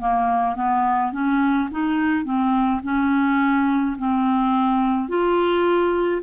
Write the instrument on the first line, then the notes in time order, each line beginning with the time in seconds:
clarinet
0.00 A#3
0.56 B3
1.13 C#4
1.71 D#4
2.25 C4
2.84 C#4
3.99 C4
5.09 F4